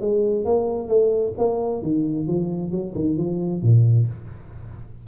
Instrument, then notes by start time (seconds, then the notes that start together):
tuba
0.00 G#3
0.45 A#3
0.88 A3
1.37 A#3
1.82 D#3
2.27 F3
2.71 F#3
2.95 D#3
3.17 F3
3.62 A#2